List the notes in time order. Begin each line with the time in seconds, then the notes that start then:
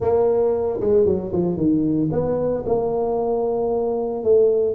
0.00 A#3
0.80 G#3
1.05 F#3
1.32 F3
1.56 D#3
2.11 B3
2.66 A#3
4.23 A3